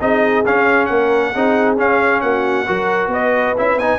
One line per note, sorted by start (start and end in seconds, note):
0.00 0.45 C4
0.00 0.44 D#4
0.00 0.90 G#4
0.00 0.46 D#5
0.46 1.35 C#4
0.46 0.90 C#4
0.46 0.86 F5
0.86 1.35 A#3
0.86 1.34 A#4
0.86 1.75 F#5
1.34 1.79 C4
1.34 1.77 D#4
1.34 2.22 G#4
1.77 2.66 C#4
1.77 2.23 C#4
1.77 2.21 F5
2.21 2.67 A#3
2.21 2.67 F#4
2.21 3.10 F#5
2.67 3.08 F#3
2.67 3.56 F#4
2.67 3.11 A#4
3.08 3.52 B3
3.08 3.99 B4
3.08 3.57 D#5
3.58 3.76 C#4
3.58 3.80 E4
3.58 3.79 E5
3.76 3.99 B3
3.76 3.99 D#4
3.76 3.99 G#5